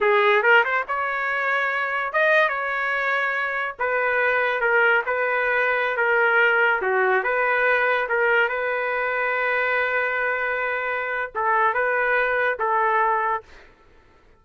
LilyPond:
\new Staff \with { instrumentName = "trumpet" } { \time 4/4 \tempo 4 = 143 gis'4 ais'8 c''8 cis''2~ | cis''4 dis''4 cis''2~ | cis''4 b'2 ais'4 | b'2~ b'16 ais'4.~ ais'16~ |
ais'16 fis'4 b'2 ais'8.~ | ais'16 b'2.~ b'8.~ | b'2. a'4 | b'2 a'2 | }